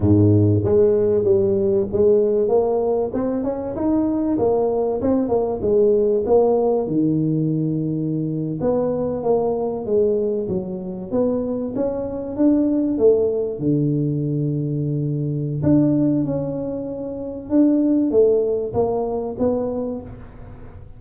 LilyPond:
\new Staff \with { instrumentName = "tuba" } { \time 4/4 \tempo 4 = 96 gis,4 gis4 g4 gis4 | ais4 c'8 cis'8 dis'4 ais4 | c'8 ais8 gis4 ais4 dis4~ | dis4.~ dis16 b4 ais4 gis16~ |
gis8. fis4 b4 cis'4 d'16~ | d'8. a4 d2~ d16~ | d4 d'4 cis'2 | d'4 a4 ais4 b4 | }